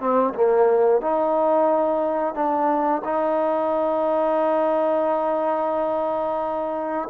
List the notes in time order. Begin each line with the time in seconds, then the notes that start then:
0.00 C4
0.34 A#3
1.01 D#4
2.34 D4
3.04 D#4